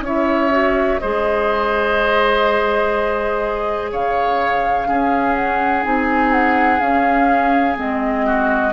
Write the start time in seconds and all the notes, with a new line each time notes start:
0.00 C#4 E4 C#5 E5
0.50 F#4
0.99 G#3 G#4 C5 D#5
3.91 C#3 C#5 F5
4.87 C#4 G#4
5.34 F#5
5.82 C4 D#4 G#5
6.32 F#5
6.79 C#4 F5
7.75 G#3 C4 D#5
8.25 F#4